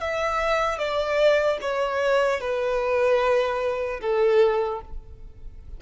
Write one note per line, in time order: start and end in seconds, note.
0.00 0.78 E5
0.78 1.58 D5
1.61 2.40 C#5
2.40 4.00 B4
4.00 4.80 A4